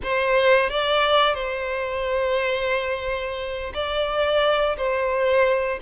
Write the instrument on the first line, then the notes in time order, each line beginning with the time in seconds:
violin
0.03 C5
0.69 D5
1.34 C5
3.74 D5
4.77 C5